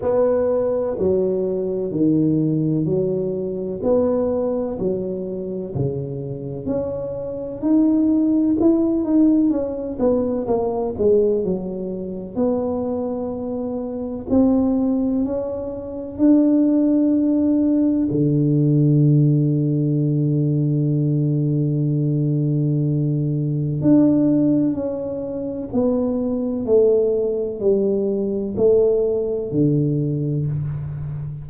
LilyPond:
\new Staff \with { instrumentName = "tuba" } { \time 4/4 \tempo 4 = 63 b4 fis4 dis4 fis4 | b4 fis4 cis4 cis'4 | dis'4 e'8 dis'8 cis'8 b8 ais8 gis8 | fis4 b2 c'4 |
cis'4 d'2 d4~ | d1~ | d4 d'4 cis'4 b4 | a4 g4 a4 d4 | }